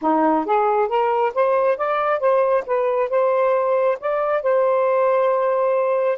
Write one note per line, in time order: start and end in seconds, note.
0.01 0.45 D#4
0.45 0.88 G#4
0.88 1.32 A#4
1.34 1.77 C5
1.77 2.19 D5
2.19 2.63 C5
2.66 3.09 B4
3.09 3.97 C5
3.99 4.42 D5
4.42 6.18 C5